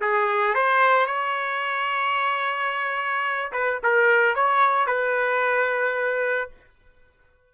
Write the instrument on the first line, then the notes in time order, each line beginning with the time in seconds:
trumpet
0.00 G#4
0.55 C5
1.06 C#5
3.52 B4
3.83 A#4
4.35 C#5
4.86 B4